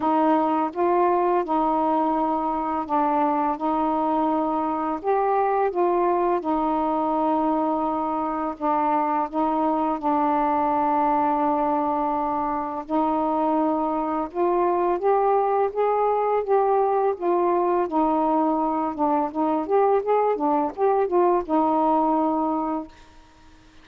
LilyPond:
\new Staff \with { instrumentName = "saxophone" } { \time 4/4 \tempo 4 = 84 dis'4 f'4 dis'2 | d'4 dis'2 g'4 | f'4 dis'2. | d'4 dis'4 d'2~ |
d'2 dis'2 | f'4 g'4 gis'4 g'4 | f'4 dis'4. d'8 dis'8 g'8 | gis'8 d'8 g'8 f'8 dis'2 | }